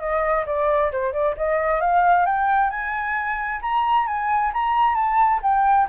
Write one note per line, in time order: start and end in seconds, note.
0.00 0.45 D#5
0.46 0.91 D5
0.92 1.13 C5
1.13 1.35 D5
1.37 1.81 D#5
1.81 2.26 F5
2.26 2.70 G5
2.70 3.61 G#5
3.62 4.07 A#5
4.07 4.52 G#5
4.53 4.95 A#5
4.95 5.40 A5
5.43 5.88 G5